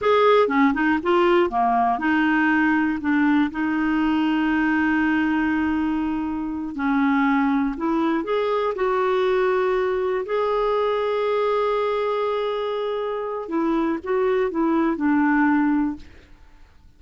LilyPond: \new Staff \with { instrumentName = "clarinet" } { \time 4/4 \tempo 4 = 120 gis'4 cis'8 dis'8 f'4 ais4 | dis'2 d'4 dis'4~ | dis'1~ | dis'4. cis'2 e'8~ |
e'8 gis'4 fis'2~ fis'8~ | fis'8 gis'2.~ gis'8~ | gis'2. e'4 | fis'4 e'4 d'2 | }